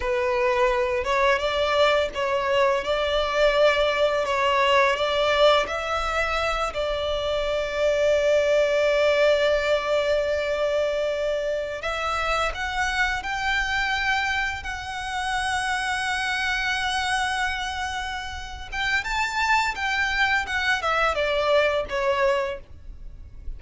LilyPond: \new Staff \with { instrumentName = "violin" } { \time 4/4 \tempo 4 = 85 b'4. cis''8 d''4 cis''4 | d''2 cis''4 d''4 | e''4. d''2~ d''8~ | d''1~ |
d''8. e''4 fis''4 g''4~ g''16~ | g''8. fis''2.~ fis''16~ | fis''2~ fis''8 g''8 a''4 | g''4 fis''8 e''8 d''4 cis''4 | }